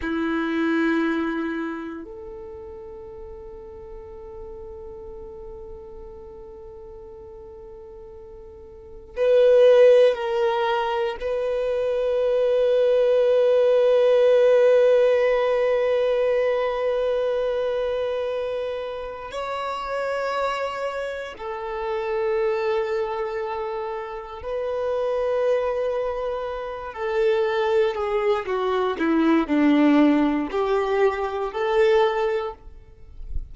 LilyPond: \new Staff \with { instrumentName = "violin" } { \time 4/4 \tempo 4 = 59 e'2 a'2~ | a'1~ | a'4 b'4 ais'4 b'4~ | b'1~ |
b'2. cis''4~ | cis''4 a'2. | b'2~ b'8 a'4 gis'8 | fis'8 e'8 d'4 g'4 a'4 | }